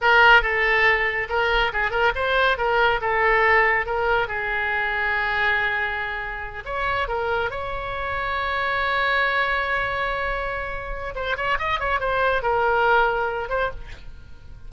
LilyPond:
\new Staff \with { instrumentName = "oboe" } { \time 4/4 \tempo 4 = 140 ais'4 a'2 ais'4 | gis'8 ais'8 c''4 ais'4 a'4~ | a'4 ais'4 gis'2~ | gis'2.~ gis'8 cis''8~ |
cis''8 ais'4 cis''2~ cis''8~ | cis''1~ | cis''2 c''8 cis''8 dis''8 cis''8 | c''4 ais'2~ ais'8 c''8 | }